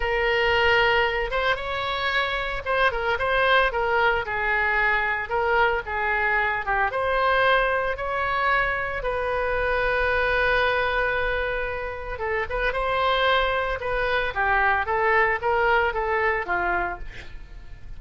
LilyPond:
\new Staff \with { instrumentName = "oboe" } { \time 4/4 \tempo 4 = 113 ais'2~ ais'8 c''8 cis''4~ | cis''4 c''8 ais'8 c''4 ais'4 | gis'2 ais'4 gis'4~ | gis'8 g'8 c''2 cis''4~ |
cis''4 b'2.~ | b'2. a'8 b'8 | c''2 b'4 g'4 | a'4 ais'4 a'4 f'4 | }